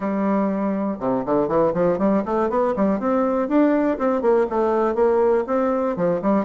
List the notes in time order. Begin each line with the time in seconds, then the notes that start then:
0.00 G3
0.99 C3
1.25 D3
1.47 E3
1.73 F3
1.98 G3
2.25 A3
2.49 B3
2.75 G3
2.99 C4
3.48 D4
3.98 C4
4.21 A#3
4.49 A3
4.95 A#3
5.46 C4
5.96 F3
6.22 G3